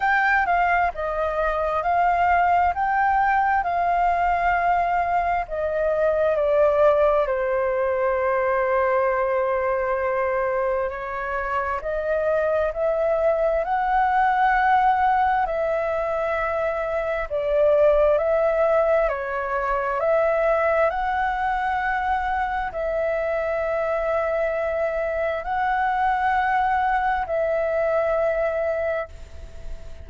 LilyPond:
\new Staff \with { instrumentName = "flute" } { \time 4/4 \tempo 4 = 66 g''8 f''8 dis''4 f''4 g''4 | f''2 dis''4 d''4 | c''1 | cis''4 dis''4 e''4 fis''4~ |
fis''4 e''2 d''4 | e''4 cis''4 e''4 fis''4~ | fis''4 e''2. | fis''2 e''2 | }